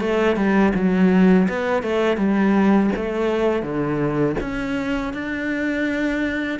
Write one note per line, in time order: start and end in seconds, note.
0.00 0.36 A3
0.36 0.73 G3
0.75 1.48 F#3
1.49 1.82 B3
1.82 2.17 A3
2.17 2.90 G3
2.95 3.63 A3
3.63 4.36 D3
4.40 5.13 C#4
5.13 6.59 D4